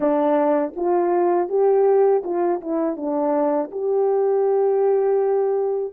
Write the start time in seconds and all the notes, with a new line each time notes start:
0.00 D4
0.76 F4
1.48 G4
2.24 F4
2.61 E4
2.96 D4
3.71 G4